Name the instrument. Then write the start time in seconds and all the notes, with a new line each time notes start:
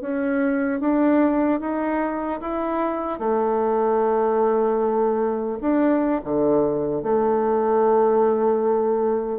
bassoon
0.00 C#4
0.80 D4
1.60 D#4
2.40 E4
3.19 A3
5.61 D4
6.24 D3
7.03 A3